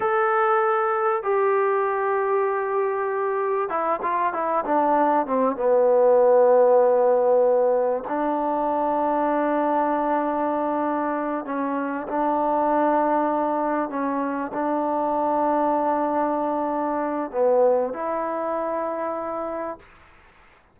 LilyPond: \new Staff \with { instrumentName = "trombone" } { \time 4/4 \tempo 4 = 97 a'2 g'2~ | g'2 e'8 f'8 e'8 d'8~ | d'8 c'8 b2.~ | b4 d'2.~ |
d'2~ d'8 cis'4 d'8~ | d'2~ d'8 cis'4 d'8~ | d'1 | b4 e'2. | }